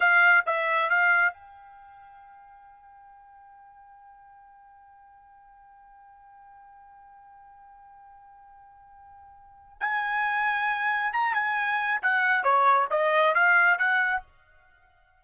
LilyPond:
\new Staff \with { instrumentName = "trumpet" } { \time 4/4 \tempo 4 = 135 f''4 e''4 f''4 g''4~ | g''1~ | g''1~ | g''1~ |
g''1~ | g''2 gis''2~ | gis''4 ais''8 gis''4. fis''4 | cis''4 dis''4 f''4 fis''4 | }